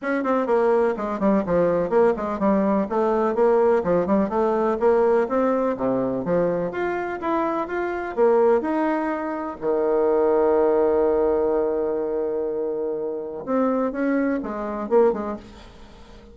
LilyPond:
\new Staff \with { instrumentName = "bassoon" } { \time 4/4 \tempo 4 = 125 cis'8 c'8 ais4 gis8 g8 f4 | ais8 gis8 g4 a4 ais4 | f8 g8 a4 ais4 c'4 | c4 f4 f'4 e'4 |
f'4 ais4 dis'2 | dis1~ | dis1 | c'4 cis'4 gis4 ais8 gis8 | }